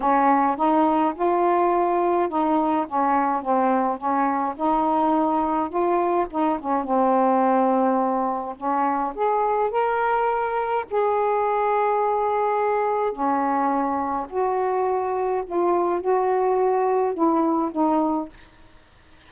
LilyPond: \new Staff \with { instrumentName = "saxophone" } { \time 4/4 \tempo 4 = 105 cis'4 dis'4 f'2 | dis'4 cis'4 c'4 cis'4 | dis'2 f'4 dis'8 cis'8 | c'2. cis'4 |
gis'4 ais'2 gis'4~ | gis'2. cis'4~ | cis'4 fis'2 f'4 | fis'2 e'4 dis'4 | }